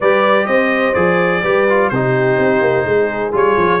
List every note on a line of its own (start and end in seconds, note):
0.00 0.47 G3
0.00 0.95 G4
0.00 0.48 B4
0.00 0.46 D5
0.46 0.95 C4
0.46 1.42 C5
0.46 0.94 D#5
0.94 1.43 F3
0.94 1.42 G#4
0.94 1.89 D5
1.42 1.91 G3
1.42 1.67 G4
1.42 1.90 B4
1.69 1.92 F4
1.89 2.37 C3
1.89 3.31 D#4
1.89 2.86 G4
1.89 3.32 C5
2.37 2.60 C4
2.60 2.84 A#3
2.84 3.32 G#3
2.84 3.80 G#4
3.31 3.56 G3
3.31 3.79 F4
3.31 3.80 C#5
3.57 3.80 F3